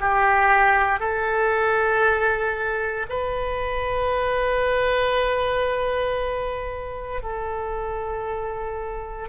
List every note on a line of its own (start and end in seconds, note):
0.00 1.00 G4
1.00 3.07 A4
3.09 7.22 B4
7.22 9.29 A4